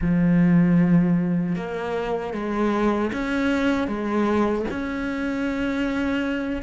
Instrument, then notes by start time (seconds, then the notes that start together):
cello
0.01 F3
1.55 A#3
2.33 G#3
3.12 C#4
3.87 G#3
4.70 C#4